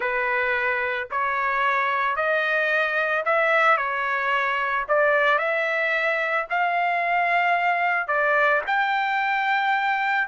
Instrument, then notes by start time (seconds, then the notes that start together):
trumpet
0.00 B4
1.10 C#5
2.16 D#5
3.25 E5
3.77 C#5
4.88 D5
5.38 E5
6.49 F5
8.07 D5
8.66 G5